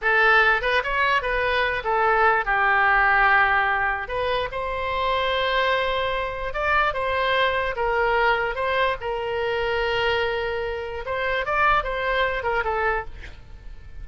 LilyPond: \new Staff \with { instrumentName = "oboe" } { \time 4/4 \tempo 4 = 147 a'4. b'8 cis''4 b'4~ | b'8 a'4. g'2~ | g'2 b'4 c''4~ | c''1 |
d''4 c''2 ais'4~ | ais'4 c''4 ais'2~ | ais'2. c''4 | d''4 c''4. ais'8 a'4 | }